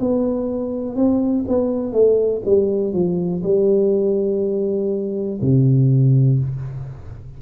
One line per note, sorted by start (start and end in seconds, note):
0.00 0.96 B3
0.96 1.45 C4
1.48 1.93 B3
1.93 2.42 A3
2.45 2.93 G3
2.93 3.42 F3
3.43 5.40 G3
5.41 6.39 C3